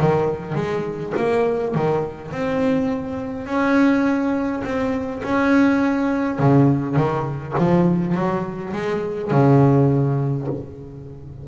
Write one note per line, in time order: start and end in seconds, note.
0.00 0.55 D#3
0.55 1.13 G#3
1.17 1.75 A#3
1.75 2.32 D#3
2.32 3.46 C4
3.46 4.63 C#4
4.64 5.22 C4
5.23 6.39 C#4
6.39 6.96 C#3
6.96 7.54 D#3
7.58 8.14 F3
8.14 8.73 F#3
8.73 9.31 G#3
9.31 10.47 C#3